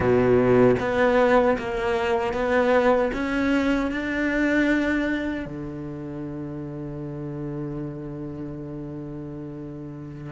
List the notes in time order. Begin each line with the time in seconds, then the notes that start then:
0.00 B2
0.79 B3
1.58 A#3
2.33 B3
3.13 C#4
3.91 D4
5.45 D3